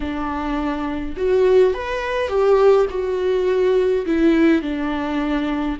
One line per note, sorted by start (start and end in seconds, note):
0.00 1.15 D4
1.16 1.73 F#4
1.73 2.28 B4
2.28 2.86 G4
2.90 4.05 F#4
4.05 4.62 E4
4.62 5.77 D4